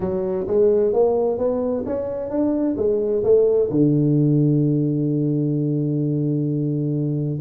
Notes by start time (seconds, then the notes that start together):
0.00 F#3
0.47 G#3
0.93 A#3
1.38 B3
1.86 C#4
2.30 D4
2.77 G#3
3.23 A3
3.70 D3